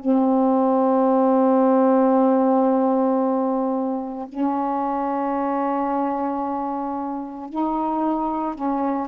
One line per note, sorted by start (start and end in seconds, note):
0.00 4.29 C4
4.29 7.50 C#4
7.50 8.56 D#4
8.56 9.08 C#4